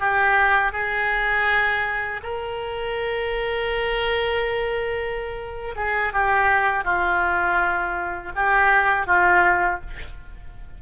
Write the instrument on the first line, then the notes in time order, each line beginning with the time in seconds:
oboe
0.00 G4
0.73 G#4
2.24 A#4
5.76 G#4
6.13 G4
6.85 F4
8.36 G4
9.07 F4